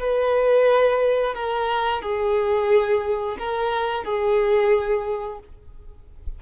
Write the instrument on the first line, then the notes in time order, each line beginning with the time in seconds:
violin
0.00 B4
1.35 A#4
2.03 G#4
3.39 A#4
4.04 G#4